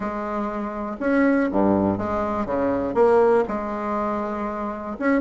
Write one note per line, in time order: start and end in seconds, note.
0.00 0.96 G#3
1.00 1.49 C#4
1.51 1.97 G2
1.97 2.45 G#3
2.45 2.94 C#3
2.94 3.43 A#3
3.48 4.96 G#3
4.99 5.21 C#4